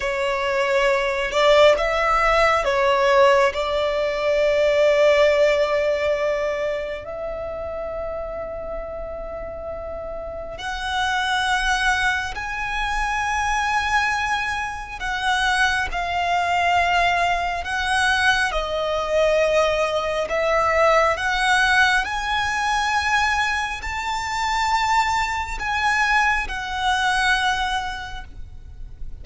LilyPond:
\new Staff \with { instrumentName = "violin" } { \time 4/4 \tempo 4 = 68 cis''4. d''8 e''4 cis''4 | d''1 | e''1 | fis''2 gis''2~ |
gis''4 fis''4 f''2 | fis''4 dis''2 e''4 | fis''4 gis''2 a''4~ | a''4 gis''4 fis''2 | }